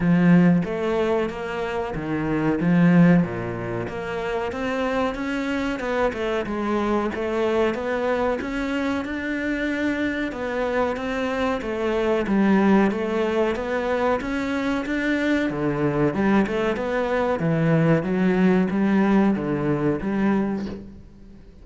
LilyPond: \new Staff \with { instrumentName = "cello" } { \time 4/4 \tempo 4 = 93 f4 a4 ais4 dis4 | f4 ais,4 ais4 c'4 | cis'4 b8 a8 gis4 a4 | b4 cis'4 d'2 |
b4 c'4 a4 g4 | a4 b4 cis'4 d'4 | d4 g8 a8 b4 e4 | fis4 g4 d4 g4 | }